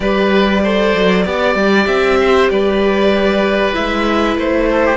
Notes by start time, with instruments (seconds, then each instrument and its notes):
0.00 cello G3, viola G4, oboe B4, violin D5
0.63 viola A4, oboe C5
0.94 cello F#3
1.25 cello B3, viola G4, oboe D5
1.55 cello G3
1.86 cello C4, violin E5
2.20 oboe C5
2.50 cello G3, oboe B4, violin D5
3.72 cello G#3, viola E4, violin E5
4.35 cello A3, violin C5
4.70 oboe A4
4.85 oboe G4